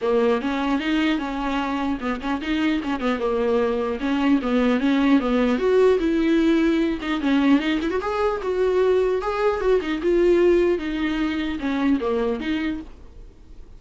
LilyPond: \new Staff \with { instrumentName = "viola" } { \time 4/4 \tempo 4 = 150 ais4 cis'4 dis'4 cis'4~ | cis'4 b8 cis'8 dis'4 cis'8 b8 | ais2 cis'4 b4 | cis'4 b4 fis'4 e'4~ |
e'4. dis'8 cis'4 dis'8 e'16 fis'16 | gis'4 fis'2 gis'4 | fis'8 dis'8 f'2 dis'4~ | dis'4 cis'4 ais4 dis'4 | }